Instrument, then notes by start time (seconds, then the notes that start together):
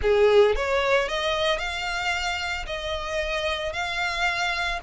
violin
0.01 G#4
0.55 C#5
1.08 D#5
1.58 F5
2.66 D#5
3.72 F5